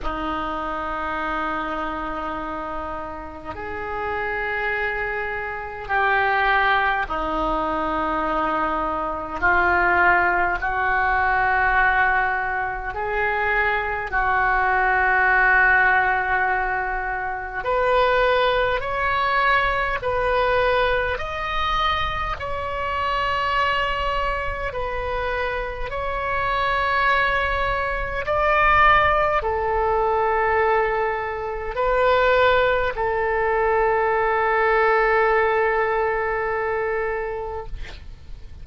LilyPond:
\new Staff \with { instrumentName = "oboe" } { \time 4/4 \tempo 4 = 51 dis'2. gis'4~ | gis'4 g'4 dis'2 | f'4 fis'2 gis'4 | fis'2. b'4 |
cis''4 b'4 dis''4 cis''4~ | cis''4 b'4 cis''2 | d''4 a'2 b'4 | a'1 | }